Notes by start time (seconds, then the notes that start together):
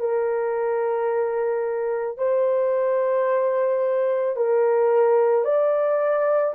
0.00 A#4
2.18 C5
4.36 A#4
5.45 D5